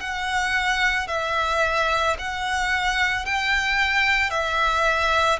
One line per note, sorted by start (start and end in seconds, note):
0.00 1.07 F#5
1.07 2.16 E5
2.18 3.25 F#5
3.25 4.30 G5
4.30 5.39 E5